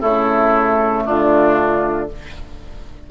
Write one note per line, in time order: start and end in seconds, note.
0.00 1.07 C#3
0.00 2.07 A3
0.00 1.03 E4
0.00 1.04 A4
1.06 2.11 D3
1.06 2.09 D4
1.06 2.09 F4